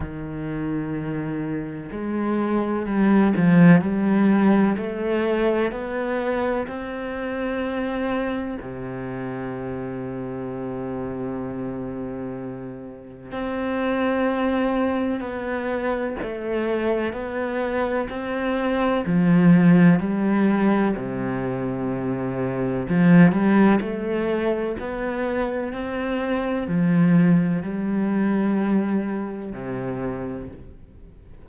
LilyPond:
\new Staff \with { instrumentName = "cello" } { \time 4/4 \tempo 4 = 63 dis2 gis4 g8 f8 | g4 a4 b4 c'4~ | c'4 c2.~ | c2 c'2 |
b4 a4 b4 c'4 | f4 g4 c2 | f8 g8 a4 b4 c'4 | f4 g2 c4 | }